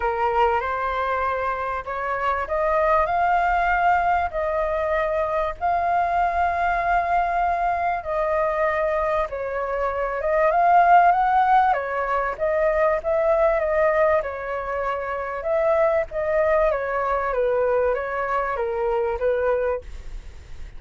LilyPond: \new Staff \with { instrumentName = "flute" } { \time 4/4 \tempo 4 = 97 ais'4 c''2 cis''4 | dis''4 f''2 dis''4~ | dis''4 f''2.~ | f''4 dis''2 cis''4~ |
cis''8 dis''8 f''4 fis''4 cis''4 | dis''4 e''4 dis''4 cis''4~ | cis''4 e''4 dis''4 cis''4 | b'4 cis''4 ais'4 b'4 | }